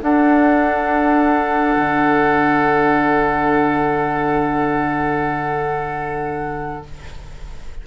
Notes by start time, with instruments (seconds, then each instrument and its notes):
0.00 clarinet D4, bassoon D4, oboe A4, flute F#5
1.76 bassoon D3